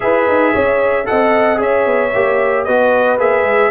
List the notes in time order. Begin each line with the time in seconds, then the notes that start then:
0.00 E4 G#4 B4 E5
0.27 D#4
0.52 C#4 C#5
1.05 C4 A4 D#5 F#5
1.56 C#4 G#4 C#5 E5
1.86 B3
2.14 A#3 G4
2.64 B3 F#4 B4 D#5
3.18 A#3 G#4 E5
3.42 G#3